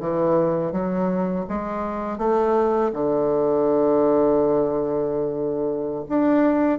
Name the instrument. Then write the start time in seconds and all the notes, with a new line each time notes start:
bassoon
0.00 E3
0.72 F#3
1.49 G#3
2.18 A3
2.93 D3
6.09 D4